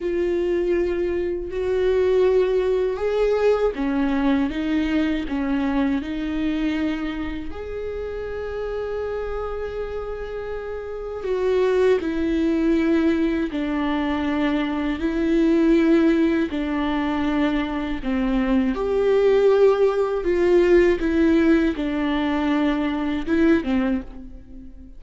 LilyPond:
\new Staff \with { instrumentName = "viola" } { \time 4/4 \tempo 4 = 80 f'2 fis'2 | gis'4 cis'4 dis'4 cis'4 | dis'2 gis'2~ | gis'2. fis'4 |
e'2 d'2 | e'2 d'2 | c'4 g'2 f'4 | e'4 d'2 e'8 c'8 | }